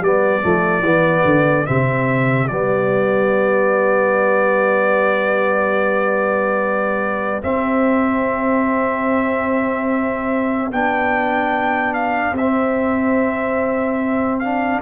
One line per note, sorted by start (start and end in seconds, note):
0.00 0.41 G3
0.00 0.42 B3
0.00 14.81 G4
0.00 1.66 D5
0.42 0.80 F3
0.42 0.83 A3
0.80 1.22 E3
0.80 1.65 B3
1.24 1.65 D3
1.65 2.50 C3
1.65 2.48 C4
1.65 2.47 E5
2.47 7.43 G3
2.47 7.42 B3
2.47 7.41 D5
7.42 10.71 C4
7.42 10.71 E5
10.71 12.32 B3
10.71 12.36 D4
10.71 11.93 G5
11.93 12.35 F5
12.32 14.79 C4
12.32 14.39 E5
12.39 14.43 C4
14.39 14.81 D4
14.39 14.80 F5